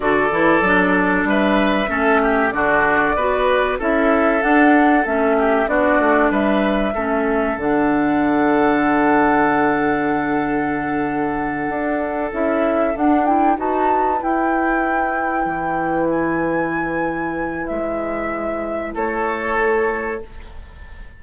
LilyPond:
<<
  \new Staff \with { instrumentName = "flute" } { \time 4/4 \tempo 4 = 95 d''2 e''2 | d''2 e''4 fis''4 | e''4 d''4 e''2 | fis''1~ |
fis''2.~ fis''8 e''8~ | e''8 fis''8 g''8 a''4 g''4.~ | g''4. gis''2~ gis''8 | e''2 cis''2 | }
  \new Staff \with { instrumentName = "oboe" } { \time 4/4 a'2 b'4 a'8 g'8 | fis'4 b'4 a'2~ | a'8 g'8 fis'4 b'4 a'4~ | a'1~ |
a'1~ | a'4. b'2~ b'8~ | b'1~ | b'2 a'2 | }
  \new Staff \with { instrumentName = "clarinet" } { \time 4/4 fis'8 e'8 d'2 cis'4 | d'4 fis'4 e'4 d'4 | cis'4 d'2 cis'4 | d'1~ |
d'2.~ d'8 e'8~ | e'8 d'8 e'8 fis'4 e'4.~ | e'1~ | e'1 | }
  \new Staff \with { instrumentName = "bassoon" } { \time 4/4 d8 e8 fis4 g4 a4 | d4 b4 cis'4 d'4 | a4 b8 a8 g4 a4 | d1~ |
d2~ d8 d'4 cis'8~ | cis'8 d'4 dis'4 e'4.~ | e'8 e2.~ e8 | gis2 a2 | }
>>